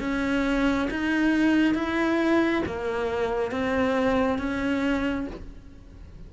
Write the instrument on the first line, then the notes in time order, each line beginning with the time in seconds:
cello
0.00 C#4
0.90 D#4
1.74 E4
2.66 A#3
3.51 C4
4.38 C#4